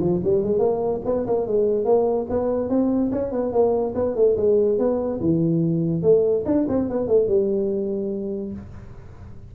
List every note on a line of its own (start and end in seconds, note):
0.00 0.21 F3
0.24 0.43 G3
0.43 0.59 G#3
0.59 1.01 A#3
1.05 1.26 B3
1.27 1.47 A#3
1.47 1.85 G#3
1.85 2.27 A#3
2.30 2.69 B3
2.69 3.11 C4
3.12 3.32 C#4
3.32 3.53 B3
3.53 3.95 A#3
3.95 4.16 B3
4.16 4.37 A3
4.37 4.78 G#3
4.78 5.20 B3
5.20 6.02 E3
6.02 6.44 A3
6.46 6.66 D4
6.69 6.89 C4
6.89 7.08 B3
7.08 7.28 A3
7.28 8.53 G3